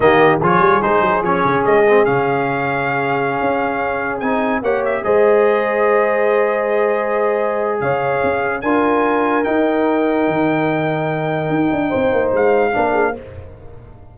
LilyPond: <<
  \new Staff \with { instrumentName = "trumpet" } { \time 4/4 \tempo 4 = 146 dis''4 cis''4 c''4 cis''4 | dis''4 f''2.~ | f''2~ f''16 gis''4 fis''8 e''16~ | e''16 dis''2.~ dis''8.~ |
dis''2. f''4~ | f''4 gis''2 g''4~ | g''1~ | g''2 f''2 | }
  \new Staff \with { instrumentName = "horn" } { \time 4/4 g'4 gis'2.~ | gis'1~ | gis'2.~ gis'16 cis''8.~ | cis''16 c''2.~ c''8.~ |
c''2. cis''4~ | cis''4 ais'2.~ | ais'1~ | ais'4 c''2 ais'8 gis'8 | }
  \new Staff \with { instrumentName = "trombone" } { \time 4/4 ais4 f'4 dis'4 cis'4~ | cis'8 c'8 cis'2.~ | cis'2~ cis'16 dis'4 g'8.~ | g'16 gis'2.~ gis'8.~ |
gis'1~ | gis'4 f'2 dis'4~ | dis'1~ | dis'2. d'4 | }
  \new Staff \with { instrumentName = "tuba" } { \time 4/4 dis4 f8 g8 gis8 fis8 f8 cis8 | gis4 cis2.~ | cis16 cis'2 c'4 ais8.~ | ais16 gis2.~ gis8.~ |
gis2. cis4 | cis'4 d'2 dis'4~ | dis'4 dis2. | dis'8 d'8 c'8 ais8 gis4 ais4 | }
>>